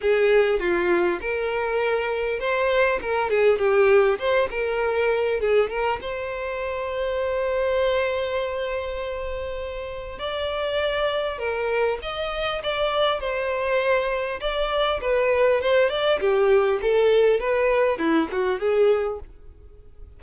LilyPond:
\new Staff \with { instrumentName = "violin" } { \time 4/4 \tempo 4 = 100 gis'4 f'4 ais'2 | c''4 ais'8 gis'8 g'4 c''8 ais'8~ | ais'4 gis'8 ais'8 c''2~ | c''1~ |
c''4 d''2 ais'4 | dis''4 d''4 c''2 | d''4 b'4 c''8 d''8 g'4 | a'4 b'4 e'8 fis'8 gis'4 | }